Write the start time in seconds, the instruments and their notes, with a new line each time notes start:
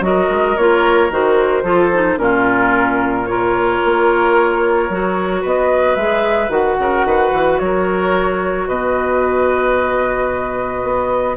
0.00 bassoon F#3, clarinet F#4, oboe A#4, flute D#5
0.29 bassoon G#3
0.57 bassoon A#3, clarinet F4, flute C#5
1.10 bassoon D#3, clarinet F#4, flute C5
1.63 bassoon F3, clarinet F4, oboe A4
1.93 clarinet D#4
2.17 bassoon A#2, clarinet C#4, oboe F4, flute A#4
3.26 clarinet F4, oboe A#4, flute C#5
3.85 bassoon A#3
4.89 bassoon F#3, clarinet F#4
5.41 bassoon B3, oboe B4, flute D#5
5.95 bassoon G#3, clarinet G#4, flute E5
6.49 bassoon D#3, clarinet F#4, flute F#5
6.79 bassoon C#3, oboe A#4
7.04 bassoon D#3, oboe B4
7.32 bassoon E3
7.59 bassoon F#3, oboe A#4, flute C#5
8.67 bassoon B2, oboe B4, flute D#5
10.83 bassoon B3